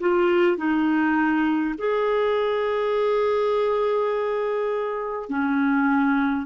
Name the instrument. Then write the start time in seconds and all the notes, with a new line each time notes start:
clarinet
0.00 F4
0.57 D#4
1.78 G#4
5.29 C#4